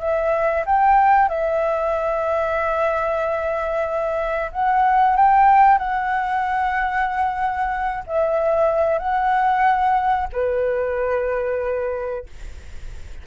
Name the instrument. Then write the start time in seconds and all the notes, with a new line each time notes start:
flute
0.00 E5
0.66 G5
1.29 E5
4.52 F#5
5.16 G5
5.78 F#5
8.07 E5
8.99 F#5
10.33 B4